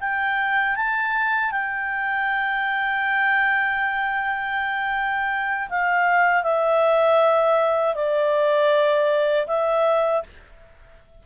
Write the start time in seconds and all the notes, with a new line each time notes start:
0.00 G5
0.76 A5
1.51 G5
5.69 F5
6.43 E5
7.94 D5
9.47 E5